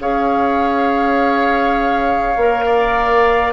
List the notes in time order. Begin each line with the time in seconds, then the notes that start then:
0.00 C#4 G#4 C#5 F5
2.37 A#3 A#4
2.66 D5